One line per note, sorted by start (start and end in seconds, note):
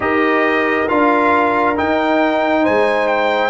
0.00 0.85 D#4
0.00 0.87 G4
0.00 2.62 A#4
0.00 0.88 D#5
0.88 1.78 D4
0.88 1.75 F4
0.88 1.76 F5
1.75 3.49 D#4
1.75 2.67 D#4
1.75 2.65 G5
2.62 3.49 G#3
2.62 3.49 C5
2.62 3.07 G#5
3.07 3.49 G5